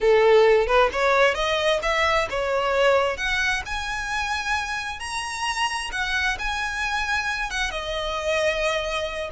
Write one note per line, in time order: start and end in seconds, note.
0.00 0.66 A4
0.66 0.89 B4
0.92 1.34 C#5
1.34 1.80 D#5
1.82 2.28 E5
2.30 3.17 C#5
3.17 3.62 F#5
3.65 4.99 G#5
4.99 5.90 A#5
5.92 6.37 F#5
6.39 7.50 G#5
7.50 7.70 F#5
7.70 9.30 D#5